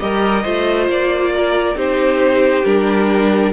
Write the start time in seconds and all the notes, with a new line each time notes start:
0.00 G3 G4 A#4 D#5
0.43 A3 F4 C5
0.89 A#3 D5
1.35 A#4
1.75 C4 D#4 G4 C5
2.65 G3 D4 A#4